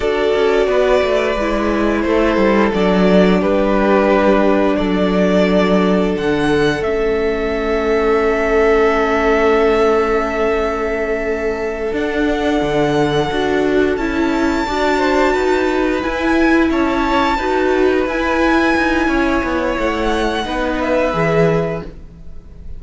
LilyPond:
<<
  \new Staff \with { instrumentName = "violin" } { \time 4/4 \tempo 4 = 88 d''2. c''4 | d''4 b'2 d''4~ | d''4 fis''4 e''2~ | e''1~ |
e''4. fis''2~ fis''8~ | fis''8 a''2. gis''8~ | gis''8 a''2 gis''4.~ | gis''4 fis''4. e''4. | }
  \new Staff \with { instrumentName = "violin" } { \time 4/4 a'4 b'2 a'4~ | a'4 g'2 a'4~ | a'1~ | a'1~ |
a'1~ | a'4. d''8 c''8 b'4.~ | b'8 cis''4 b'2~ b'8 | cis''2 b'2 | }
  \new Staff \with { instrumentName = "viola" } { \time 4/4 fis'2 e'2 | d'1~ | d'2 cis'2~ | cis'1~ |
cis'4. d'2 fis'8~ | fis'8 e'4 fis'2 e'8~ | e'4. fis'4 e'4.~ | e'2 dis'4 gis'4 | }
  \new Staff \with { instrumentName = "cello" } { \time 4/4 d'8 cis'8 b8 a8 gis4 a8 g8 | fis4 g2 fis4~ | fis4 d4 a2~ | a1~ |
a4. d'4 d4 d'8~ | d'8 cis'4 d'4 dis'4 e'8~ | e'8 cis'4 dis'4 e'4 dis'8 | cis'8 b8 a4 b4 e4 | }
>>